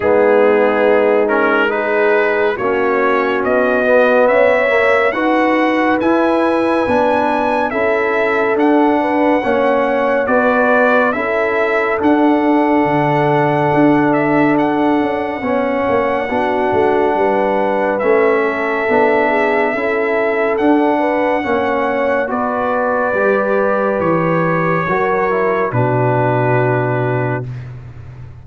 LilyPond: <<
  \new Staff \with { instrumentName = "trumpet" } { \time 4/4 \tempo 4 = 70 gis'4. ais'8 b'4 cis''4 | dis''4 e''4 fis''4 gis''4~ | gis''4 e''4 fis''2 | d''4 e''4 fis''2~ |
fis''8 e''8 fis''2.~ | fis''4 e''2. | fis''2 d''2 | cis''2 b'2 | }
  \new Staff \with { instrumentName = "horn" } { \time 4/4 dis'2 gis'4 fis'4~ | fis'4 cis''4 b'2~ | b'4 a'4. b'8 cis''4 | b'4 a'2.~ |
a'2 cis''4 fis'4 | b'4. a'4 gis'8 a'4~ | a'8 b'8 cis''4 b'2~ | b'4 ais'4 fis'2 | }
  \new Staff \with { instrumentName = "trombone" } { \time 4/4 b4. cis'8 dis'4 cis'4~ | cis'8 b4 ais8 fis'4 e'4 | d'4 e'4 d'4 cis'4 | fis'4 e'4 d'2~ |
d'2 cis'4 d'4~ | d'4 cis'4 d'4 e'4 | d'4 cis'4 fis'4 g'4~ | g'4 fis'8 e'8 d'2 | }
  \new Staff \with { instrumentName = "tuba" } { \time 4/4 gis2. ais4 | b4 cis'4 dis'4 e'4 | b4 cis'4 d'4 ais4 | b4 cis'4 d'4 d4 |
d'4. cis'8 b8 ais8 b8 a8 | g4 a4 b4 cis'4 | d'4 ais4 b4 g4 | e4 fis4 b,2 | }
>>